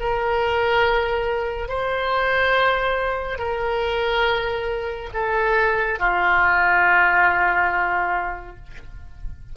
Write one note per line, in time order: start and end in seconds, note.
0.00 1.68 A#4
1.68 3.38 C5
3.38 5.10 A#4
5.14 5.99 A4
5.99 8.56 F4